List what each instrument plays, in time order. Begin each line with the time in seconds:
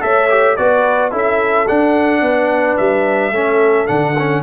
0.00 tuba A3, trombone A4, horn C#5, trumpet E5
0.29 trombone G4
0.56 tuba B3, trombone F#4, horn B4, trumpet D5
1.11 tuba C#4, trombone E4, horn A4, trumpet E5
1.67 trombone D4, tuba D4, trumpet F#5
2.21 tuba B3, horn B4
2.77 tuba G3, trumpet E5
3.31 tuba A3, trombone C#4, horn A4
3.86 tuba D3, trombone D4, trumpet F#5
4.18 trombone C#4